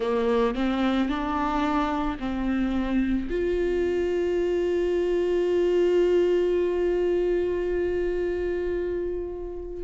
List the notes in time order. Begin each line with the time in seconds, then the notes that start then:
0.00 A#3
0.55 C4
1.09 D4
2.19 C4
3.30 F4